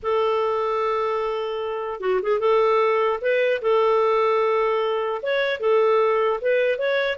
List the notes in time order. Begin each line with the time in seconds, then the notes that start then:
0.03 A4
2.00 F#4
2.22 G#4
2.39 A4
3.21 B4
3.61 A4
5.22 C#5
5.59 A4
6.41 B4
6.78 C#5